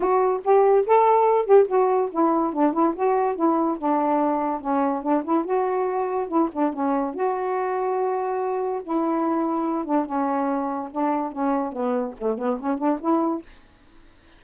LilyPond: \new Staff \with { instrumentName = "saxophone" } { \time 4/4 \tempo 4 = 143 fis'4 g'4 a'4. g'8 | fis'4 e'4 d'8 e'8 fis'4 | e'4 d'2 cis'4 | d'8 e'8 fis'2 e'8 d'8 |
cis'4 fis'2.~ | fis'4 e'2~ e'8 d'8 | cis'2 d'4 cis'4 | b4 a8 b8 cis'8 d'8 e'4 | }